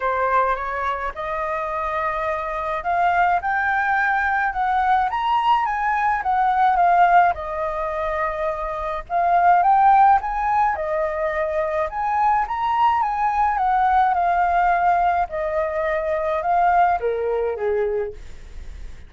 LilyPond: \new Staff \with { instrumentName = "flute" } { \time 4/4 \tempo 4 = 106 c''4 cis''4 dis''2~ | dis''4 f''4 g''2 | fis''4 ais''4 gis''4 fis''4 | f''4 dis''2. |
f''4 g''4 gis''4 dis''4~ | dis''4 gis''4 ais''4 gis''4 | fis''4 f''2 dis''4~ | dis''4 f''4 ais'4 gis'4 | }